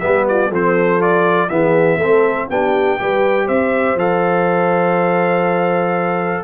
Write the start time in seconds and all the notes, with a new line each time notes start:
0.00 G3 B3 G4 E5
0.28 F4 D5
0.48 F3 C4 A4 C5
0.99 F4 D5
1.49 E3 B3 G#4 E5
1.97 A3 C4 A4
2.49 B3 D4 G4 G5
2.99 G3 G4 B4
3.45 C4 C5 E5
3.95 F3 A4 F5